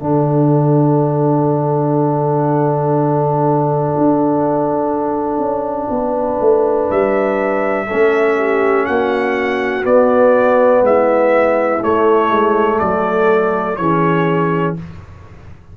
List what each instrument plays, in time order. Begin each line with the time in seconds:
0.00 tuba D3, trombone D4, horn A4, trumpet F#5
3.98 tuba D4
5.38 tuba C#4
5.90 tuba B3, horn B4
6.40 tuba A3
6.90 tuba G3, trumpet E5
7.87 tuba A3, trombone C#4, horn A4
8.38 horn G4
8.86 tuba A#3, horn F#4, trumpet F#5
9.83 trombone B3, tuba B3, trumpet D5
10.82 tuba G#3, horn E4, trumpet E5
11.81 trombone A3, tuba A3, trumpet C#5
12.30 tuba G#3
12.79 tuba F#3, horn A4, trumpet D5
13.76 tuba E3, trombone C#4, horn G#4, trumpet C#5